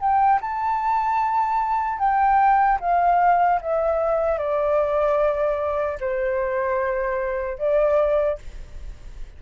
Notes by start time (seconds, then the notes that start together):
0.00 G5
0.41 A5
1.99 G5
2.80 F5
3.61 E5
4.38 D5
6.00 C5
7.58 D5